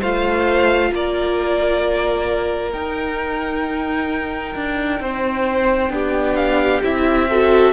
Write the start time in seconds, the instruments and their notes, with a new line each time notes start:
0.00 cello A3, viola F4, violin C5 F5
0.91 cello A#3, violin A#4 D5
2.73 cello D#4, viola D#4, violin G5
4.55 cello D4
5.00 cello C4, violin C5
5.90 cello B3, viola D4, violin G4
6.35 violin F5
6.83 cello C4, viola E4, violin E5
7.29 viola F#4, violin A4